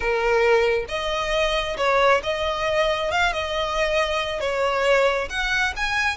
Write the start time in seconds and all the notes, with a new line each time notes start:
0.00 A#4
0.88 D#5
1.77 C#5
2.23 D#5
3.11 F5
3.32 D#5
4.40 C#5
5.29 F#5
5.76 G#5